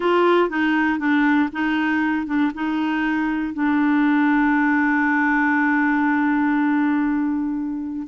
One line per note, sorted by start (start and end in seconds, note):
0.00 0.49 F4
0.49 0.98 D#4
0.98 1.49 D4
1.52 2.26 D#4
2.26 2.51 D4
2.54 3.53 D#4
3.53 8.07 D4